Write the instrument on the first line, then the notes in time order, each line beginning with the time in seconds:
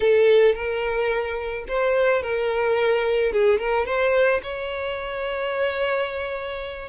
violin
0.00 A4
0.55 A#4
1.68 C5
2.22 A#4
3.32 G#4
3.58 A#4
3.85 C5
4.43 C#5